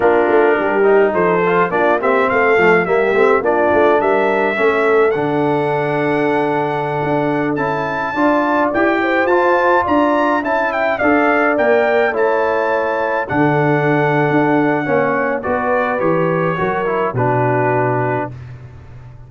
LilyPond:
<<
  \new Staff \with { instrumentName = "trumpet" } { \time 4/4 \tempo 4 = 105 ais'2 c''4 d''8 e''8 | f''4 e''4 d''4 e''4~ | e''4 fis''2.~ | fis''4~ fis''16 a''2 g''8.~ |
g''16 a''4 ais''4 a''8 g''8 f''8.~ | f''16 g''4 a''2 fis''8.~ | fis''2. d''4 | cis''2 b'2 | }
  \new Staff \with { instrumentName = "horn" } { \time 4/4 f'4 g'4 a'4 f'8 g'8 | a'4 g'4 f'4 ais'4 | a'1~ | a'2~ a'16 d''4. c''16~ |
c''4~ c''16 d''4 e''4 d''8.~ | d''4~ d''16 cis''2 a'8.~ | a'2 cis''4 b'4~ | b'4 ais'4 fis'2 | }
  \new Staff \with { instrumentName = "trombone" } { \time 4/4 d'4. dis'4 f'8 d'8 c'8~ | c'8 a8 ais8 c'8 d'2 | cis'4 d'2.~ | d'4~ d'16 e'4 f'4 g'8.~ |
g'16 f'2 e'4 a'8.~ | a'16 ais'4 e'2 d'8.~ | d'2 cis'4 fis'4 | g'4 fis'8 e'8 d'2 | }
  \new Staff \with { instrumentName = "tuba" } { \time 4/4 ais8 a8 g4 f4 ais4 | a8 f8 g8 a8 ais8 a8 g4 | a4 d2.~ | d16 d'4 cis'4 d'4 e'8.~ |
e'16 f'4 d'4 cis'4 d'8.~ | d'16 ais4 a2 d8.~ | d4 d'4 ais4 b4 | e4 fis4 b,2 | }
>>